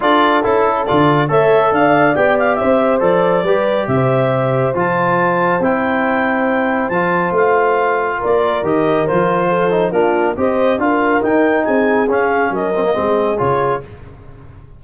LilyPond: <<
  \new Staff \with { instrumentName = "clarinet" } { \time 4/4 \tempo 4 = 139 d''4 a'4 d''4 e''4 | f''4 g''8 f''8 e''4 d''4~ | d''4 e''2 a''4~ | a''4 g''2. |
a''4 f''2 d''4 | dis''4 c''2 ais'4 | dis''4 f''4 g''4 gis''4 | f''4 dis''2 cis''4 | }
  \new Staff \with { instrumentName = "horn" } { \time 4/4 a'2. cis''4 | d''2 c''2 | b'4 c''2.~ | c''1~ |
c''2. ais'4~ | ais'2 a'4 f'4 | c''4 ais'2 gis'4~ | gis'4 ais'4 gis'2 | }
  \new Staff \with { instrumentName = "trombone" } { \time 4/4 f'4 e'4 f'4 a'4~ | a'4 g'2 a'4 | g'2. f'4~ | f'4 e'2. |
f'1 | g'4 f'4. dis'8 d'4 | g'4 f'4 dis'2 | cis'4. c'16 ais16 c'4 f'4 | }
  \new Staff \with { instrumentName = "tuba" } { \time 4/4 d'4 cis'4 d4 a4 | d'4 b4 c'4 f4 | g4 c2 f4~ | f4 c'2. |
f4 a2 ais4 | dis4 f2 ais4 | c'4 d'4 dis'4 c'4 | cis'4 fis4 gis4 cis4 | }
>>